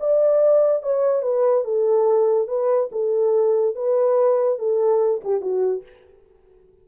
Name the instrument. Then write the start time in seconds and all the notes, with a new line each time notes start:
horn
0.00 D5
0.83 C#5
1.22 B4
1.65 A4
2.48 B4
2.92 A4
3.76 B4
4.59 A4
5.25 G4
5.41 F#4